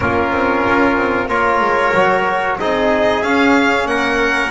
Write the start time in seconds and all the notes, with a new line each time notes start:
0.00 A#3 C#4 F4 A#4
0.31 C4
0.67 C#4
0.97 C4
1.28 A#3 F4 A#4 C#5
1.60 G#3
1.94 F#3 F#4
2.59 C4 D#4 G#4 D#5
3.23 C#4 F5
3.85 A#3 A#4 F#5